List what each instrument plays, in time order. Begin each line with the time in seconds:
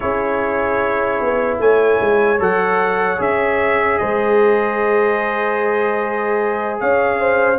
0.00 tuba C#4, trombone E4, horn G#4, trumpet C#5
1.20 tuba B3
1.59 tuba A3, horn C#5, trumpet G#5
2.00 tuba G#3
2.39 tuba F#3, trombone A4, trumpet F#5
3.17 tuba C#4, trombone G#4, trumpet E5
3.98 tuba G#3, horn C5, trumpet D#5
6.80 tuba C#4, horn C#5, trumpet F5
7.20 horn C5